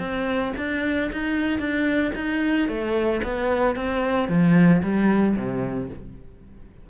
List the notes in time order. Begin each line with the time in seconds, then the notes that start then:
0.00 C4
0.58 D4
1.13 D#4
1.59 D4
2.16 D#4
2.69 A3
3.24 B3
3.76 C4
4.29 F3
4.83 G3
5.37 C3